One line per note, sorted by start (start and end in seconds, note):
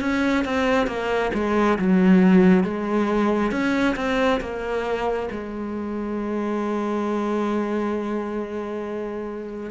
0.00 0.44 C#4
0.44 0.87 C4
0.87 1.31 A#3
1.34 1.78 G#3
1.78 2.64 F#3
2.64 3.51 G#3
3.51 3.95 C#4
3.95 4.40 C4
4.40 5.29 A#3
5.31 9.70 G#3